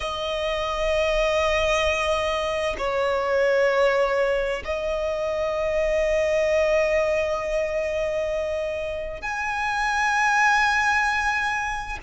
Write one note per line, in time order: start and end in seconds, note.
0.00 2.76 D#5
2.78 4.62 C#5
4.64 9.21 D#5
9.21 11.98 G#5